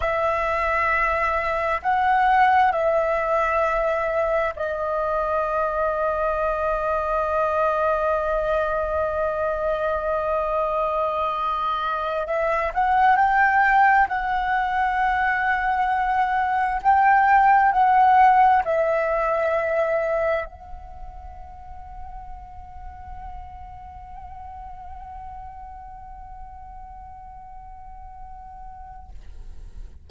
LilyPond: \new Staff \with { instrumentName = "flute" } { \time 4/4 \tempo 4 = 66 e''2 fis''4 e''4~ | e''4 dis''2.~ | dis''1~ | dis''4. e''8 fis''8 g''4 fis''8~ |
fis''2~ fis''8 g''4 fis''8~ | fis''8 e''2 fis''4.~ | fis''1~ | fis''1 | }